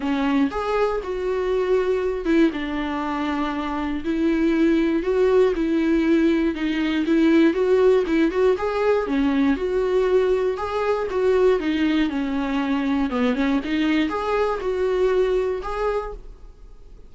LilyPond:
\new Staff \with { instrumentName = "viola" } { \time 4/4 \tempo 4 = 119 cis'4 gis'4 fis'2~ | fis'8 e'8 d'2. | e'2 fis'4 e'4~ | e'4 dis'4 e'4 fis'4 |
e'8 fis'8 gis'4 cis'4 fis'4~ | fis'4 gis'4 fis'4 dis'4 | cis'2 b8 cis'8 dis'4 | gis'4 fis'2 gis'4 | }